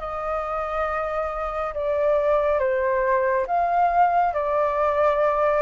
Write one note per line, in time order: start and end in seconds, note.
0.00 1.74 D#5
1.74 2.59 D5
2.59 3.46 C5
3.47 4.34 F5
4.34 5.62 D5